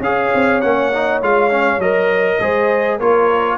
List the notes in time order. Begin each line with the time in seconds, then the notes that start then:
0.00 C#4 G#4 F5
0.07 C#5
0.35 C4
0.61 A#3 C#4 F#5
0.93 D#4
1.22 G#3 F4 F5
1.51 C#4
1.79 F#3 A#4 D#5
2.41 G#3 G#4 C5
2.98 A#3 F4 A#4 C#5